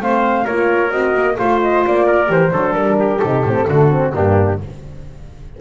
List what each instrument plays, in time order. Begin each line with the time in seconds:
0.00 double bass A3, horn C4, trumpet C5, flute F5
0.45 double bass A#3, horn F4, trumpet A#4, flute C#5
0.91 double bass C4, horn F#4, flute D#5
1.14 double bass A#3
1.38 double bass A3, horn F4, trumpet C5, flute F5
1.62 flute D#5
1.87 double bass A#3, flute D5
2.07 trumpet A#4
2.27 double bass E3, horn G4, flute C5
2.52 double bass F#3, horn D4, trumpet A4
2.73 double bass G3, flute A#4
3.00 trumpet G4
3.19 double bass C3, horn D#4, flute A4
3.44 double bass A2, horn C4
3.67 double bass D3, horn A3, trumpet F#4
3.90 horn C4
4.13 double bass G2, horn A#3, trumpet D4, flute G4